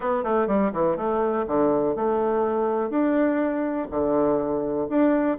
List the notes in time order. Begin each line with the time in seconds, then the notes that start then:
0.00 B3
0.23 A3
0.47 G3
0.73 E3
0.96 A3
1.47 D3
1.95 A3
2.90 D4
3.90 D3
4.89 D4